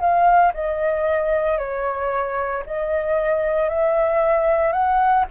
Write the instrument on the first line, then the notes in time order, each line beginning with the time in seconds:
flute
0.00 F5
0.53 D#5
1.58 C#5
2.66 D#5
3.69 E5
4.72 F#5